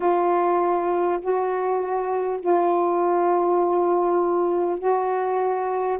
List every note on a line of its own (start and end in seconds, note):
0.00 1.19 F4
1.21 2.40 F#4
2.40 4.78 F4
4.78 5.98 F#4